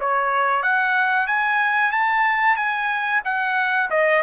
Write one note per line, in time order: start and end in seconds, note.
0.00 0.63 C#5
0.63 1.27 F#5
1.27 1.92 G#5
1.92 2.56 A5
2.56 3.21 G#5
3.24 3.90 F#5
3.90 4.23 D#5